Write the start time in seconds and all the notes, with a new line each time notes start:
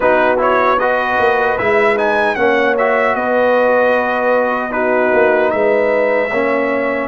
0.00 B3 D#4 F#4 B4
0.37 E4 C#5
0.78 F#4 B4 D#5
1.19 A#3
1.57 G#3 E4 E5
1.96 D#4 G#5
2.35 A#3 C#4 C#5 F#5
2.77 F#4 E5
3.14 B3 B4 D#5
4.71 D#4 F#4 B4
5.13 A#3
5.50 G#3 B4 E5
6.30 A#3 C#4 C#5